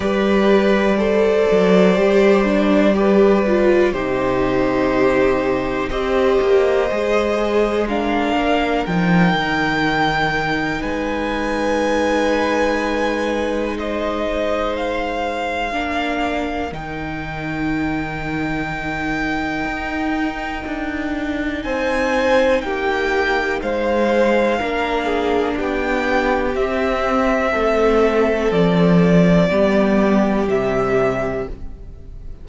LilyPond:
<<
  \new Staff \with { instrumentName = "violin" } { \time 4/4 \tempo 4 = 61 d''1 | c''2 dis''2 | f''4 g''2 gis''4~ | gis''2 dis''4 f''4~ |
f''4 g''2.~ | g''2 gis''4 g''4 | f''2 g''4 e''4~ | e''4 d''2 e''4 | }
  \new Staff \with { instrumentName = "violin" } { \time 4/4 b'4 c''2 b'4 | g'2 c''2 | ais'2. b'4~ | b'2 c''2 |
ais'1~ | ais'2 c''4 g'4 | c''4 ais'8 gis'8 g'2 | a'2 g'2 | }
  \new Staff \with { instrumentName = "viola" } { \time 4/4 g'4 a'4 g'8 d'8 g'8 f'8 | dis'2 g'4 gis'4 | d'4 dis'2.~ | dis'1 |
d'4 dis'2.~ | dis'1~ | dis'4 d'2 c'4~ | c'2 b4 g4 | }
  \new Staff \with { instrumentName = "cello" } { \time 4/4 g4. fis8 g2 | c2 c'8 ais8 gis4~ | gis8 ais8 f8 dis4. gis4~ | gis1 |
ais4 dis2. | dis'4 d'4 c'4 ais4 | gis4 ais4 b4 c'4 | a4 f4 g4 c4 | }
>>